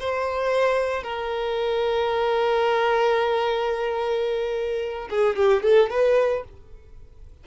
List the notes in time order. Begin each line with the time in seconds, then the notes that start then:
0.00 C5
1.03 A#4
5.10 G#4
5.36 G4
5.63 A4
5.90 B4